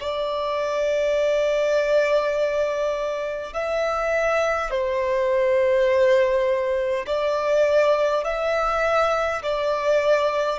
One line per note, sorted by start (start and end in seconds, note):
0.00 3.53 D5
3.53 4.71 E5
4.71 7.06 C5
7.06 8.24 D5
8.24 9.42 E5
9.42 10.59 D5